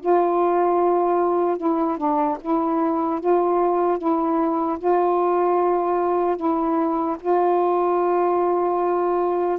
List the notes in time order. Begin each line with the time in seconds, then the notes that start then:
0.00 F4
1.57 E4
1.97 D4
2.41 E4
3.20 F4
3.98 E4
4.79 F4
6.36 E4
7.20 F4